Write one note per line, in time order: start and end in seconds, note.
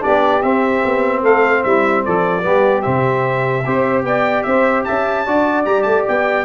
0.00 0.43 B3
0.00 0.40 D4
0.00 1.21 G4
0.00 0.42 D5
0.42 0.83 C4
0.42 2.42 C4
0.42 1.22 E5
0.85 1.22 B3
1.21 1.63 A3
1.21 1.61 A4
1.21 1.63 F5
1.63 2.05 G3
1.63 2.04 E4
1.63 2.04 E5
2.04 2.44 F3
2.04 2.43 A4
2.04 2.82 D5
2.42 2.84 G3
2.42 2.82 B3
2.42 3.64 G4
2.82 3.66 C3
2.82 3.63 C4
2.82 4.02 E5
3.65 4.03 C4
3.65 5.26 G4
3.65 4.05 C5
4.03 4.43 B3
4.03 4.46 D5
4.03 4.43 G5
4.43 4.86 C4
4.43 4.85 C5
4.43 4.83 E5
4.84 5.27 C#4
4.84 5.25 E5
4.84 5.65 A5
5.25 5.66 D4
5.25 5.65 F#4
5.25 6.45 D5
5.65 5.85 G3
5.65 6.45 G4
5.65 5.83 A#5
5.83 6.05 A3
5.83 6.03 A5
6.08 6.45 B3
6.08 6.45 G5